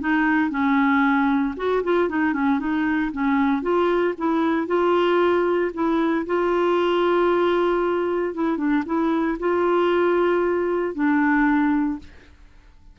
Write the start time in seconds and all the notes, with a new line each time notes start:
0.00 D#4
0.50 C#4
1.57 F#4
1.83 F4
2.09 D#4
2.33 C#4
2.59 D#4
3.12 C#4
3.62 F4
4.18 E4
4.67 F4
5.73 E4
6.26 F4
8.34 E4
8.57 D4
8.86 E4
9.39 F4
10.94 D4